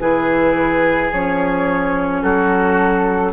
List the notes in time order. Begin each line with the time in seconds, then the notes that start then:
0.00 E3 E4 G#4 B4
1.12 F3 C#4 C#5
2.22 F#3 F#4 A4